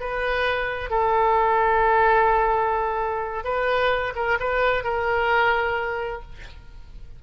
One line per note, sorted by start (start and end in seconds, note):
0.00 0.90 B4
0.90 3.44 A4
3.44 4.13 B4
4.15 4.38 A#4
4.40 4.84 B4
4.84 6.22 A#4